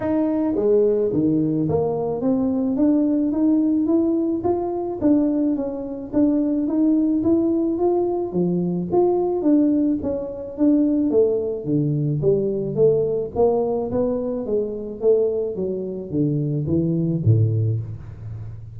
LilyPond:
\new Staff \with { instrumentName = "tuba" } { \time 4/4 \tempo 4 = 108 dis'4 gis4 dis4 ais4 | c'4 d'4 dis'4 e'4 | f'4 d'4 cis'4 d'4 | dis'4 e'4 f'4 f4 |
f'4 d'4 cis'4 d'4 | a4 d4 g4 a4 | ais4 b4 gis4 a4 | fis4 d4 e4 a,4 | }